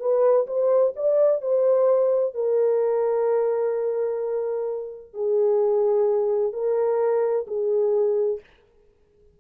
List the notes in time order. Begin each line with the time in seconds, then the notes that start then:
0.00 B4
0.47 C5
0.96 D5
1.42 C5
2.35 A#4
5.14 G#4
6.53 A#4
7.47 G#4